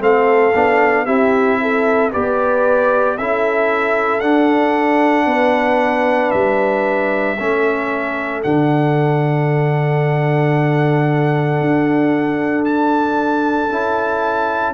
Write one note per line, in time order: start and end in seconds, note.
0.00 0.53 A3
0.00 0.53 C4
0.00 1.05 A4
0.00 1.05 F5
0.55 1.06 B3
0.55 1.06 D4
1.05 2.11 C4
1.05 2.11 E4
1.05 1.58 G4
1.05 2.11 E5
1.61 2.12 A4
2.12 3.19 B3
2.12 3.18 G4
2.12 3.17 B4
2.12 3.17 D5
3.17 4.21 C#4
3.17 4.21 E4
3.17 5.26 A4
3.17 4.20 E5
4.20 7.37 D4
4.20 5.26 D4
4.20 6.30 F#5
5.26 6.31 B3
5.26 7.37 B4
6.30 7.39 G3
6.30 8.41 E5
7.39 8.44 A3
7.39 8.43 C#4
7.39 14.74 A4
8.43 11.60 D3
8.43 13.69 D4
8.43 12.64 F#5
11.60 13.69 D4
12.65 14.74 A5
13.69 14.74 C#4
13.69 14.74 E4